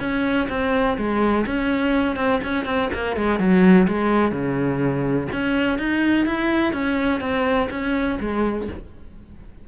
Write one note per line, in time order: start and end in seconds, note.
0.00 0.48 C#4
0.49 0.97 C4
0.98 1.46 G#3
1.46 2.16 C#4
2.16 2.40 C4
2.44 2.65 C#4
2.65 2.89 C4
2.93 3.17 A#3
3.17 3.39 G#3
3.39 3.87 F#3
3.88 4.32 G#3
4.32 5.28 C#3
5.32 5.78 C#4
5.78 6.26 D#4
6.26 6.73 E4
6.73 7.20 C#4
7.20 7.68 C4
7.70 8.18 C#4
8.20 8.68 G#3